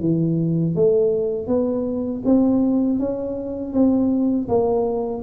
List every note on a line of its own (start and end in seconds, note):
0.00 0.75 E3
0.75 1.47 A3
1.47 2.22 B3
2.25 2.99 C4
2.99 3.73 C#4
3.73 4.48 C4
4.48 5.23 A#3